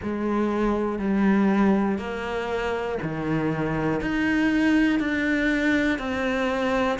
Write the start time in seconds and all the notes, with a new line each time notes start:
0.03 G#3
0.99 G3
1.98 A#3
3.02 D#3
4.00 D#4
5.00 D4
5.98 C4